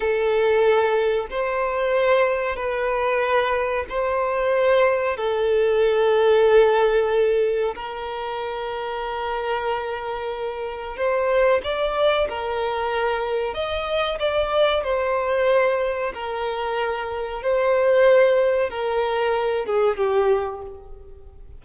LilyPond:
\new Staff \with { instrumentName = "violin" } { \time 4/4 \tempo 4 = 93 a'2 c''2 | b'2 c''2 | a'1 | ais'1~ |
ais'4 c''4 d''4 ais'4~ | ais'4 dis''4 d''4 c''4~ | c''4 ais'2 c''4~ | c''4 ais'4. gis'8 g'4 | }